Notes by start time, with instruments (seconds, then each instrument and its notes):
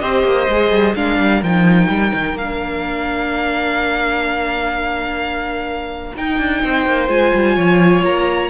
0.00 cello C4, viola G4, violin C5 D#5
0.23 cello A#3
0.48 cello G#3, viola G#4
0.71 cello G3
0.95 cello G#3, viola D4, violin A#4 F5
1.19 cello G3
1.42 cello F3, viola D#4, violin G5
1.88 cello G3
2.13 cello D#3
2.34 cello A#3, violin F5
2.40 viola D4
6.16 viola D#4, cello D#4, violin G5
6.38 cello D4
6.63 cello C4, violin C5
6.85 cello A#3
7.08 cello G#3, viola F4, violin G#5
7.34 cello G3
7.55 cello F3, violin C#5
8.02 cello A#3, violin A#5